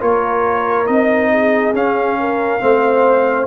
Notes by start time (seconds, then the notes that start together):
0.00 A#3 F4 A#4 C#5
0.86 C4 D#4 D#5
1.31 G#4
1.73 C#4 F5
2.20 A#4
2.60 A3 C4 C5